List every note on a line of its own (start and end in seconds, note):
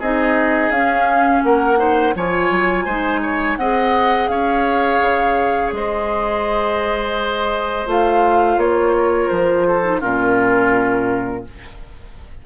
0.00 0.70 C4
0.00 0.74 D#4
0.00 1.43 G#4
0.00 0.71 D#5
0.70 1.41 C#4
0.70 1.77 C#4
0.70 1.43 F5
1.44 2.15 A#3
1.44 1.79 A#4
1.44 2.15 F#5
1.77 2.13 D#4
1.77 2.15 C5
2.15 2.51 F3
2.15 2.89 F4
2.15 2.85 C#5
2.15 3.57 G#5
2.51 2.86 F#3
2.85 3.57 G#3
2.85 3.60 D#4
2.85 3.21 C5
3.22 3.58 C#5
3.57 4.29 C4
3.57 7.87 G#4
3.57 4.31 D#5
3.57 4.28 F#5
4.28 5.00 C#4
4.28 5.74 C#5
4.28 5.71 F5
5.01 5.72 C#3
5.72 7.87 G#3
5.72 8.98 C5
5.72 7.88 D#5
7.87 8.57 A3
7.87 9.84 F4
7.87 8.60 F5
8.57 9.29 A#3
8.57 9.29 C#5
8.98 9.67 A#4
9.29 10.03 F3
9.29 10.01 C5
9.67 10.00 A4
9.84 10.02 D#4
10.00 11.46 A#2
10.00 11.44 C#4
10.00 11.43 F4
10.00 11.45 A#4